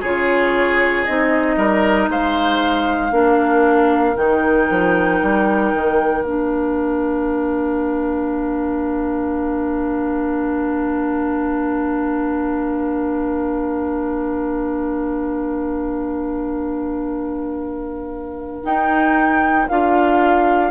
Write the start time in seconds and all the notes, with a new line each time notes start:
0.00 C#3 F4 G#4 C#5
1.05 C4 D#4 D#5
1.56 G3 A#4
2.08 G#3 C5 F5
3.11 A#3 D4 A#4
4.17 D#3 D#4 G5
4.70 F3
5.22 G3
5.73 D#3
6.22 A#3 D4 F5
18.63 D#4 G5
19.68 D4 F4 F5